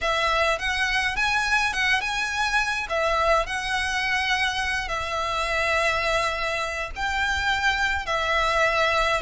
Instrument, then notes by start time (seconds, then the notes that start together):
violin
0.01 E5
0.58 F#5
1.16 G#5
1.73 F#5
2.00 G#5
2.89 E5
3.46 F#5
4.88 E5
6.95 G5
8.05 E5